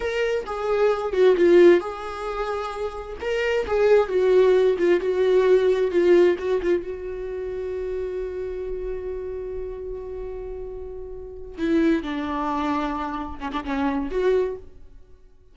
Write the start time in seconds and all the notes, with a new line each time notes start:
0.00 A#4
0.46 G#4
1.12 F#4
1.36 F4
1.80 G#4
3.20 A#4
3.67 G#4
4.08 F#4
4.78 F4
5.00 F#4
5.91 F4
6.38 F#4
6.62 F4
6.82 F#4
11.58 E4
12.02 D4
13.39 C#4
13.52 D4
13.64 C#4
14.11 F#4